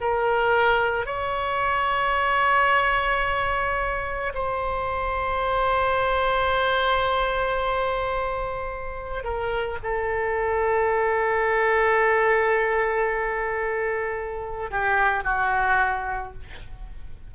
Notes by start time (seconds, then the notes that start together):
0.00 A#4
1.05 C#5
4.34 C5
9.23 A#4
9.82 A4
14.70 G4
15.23 F#4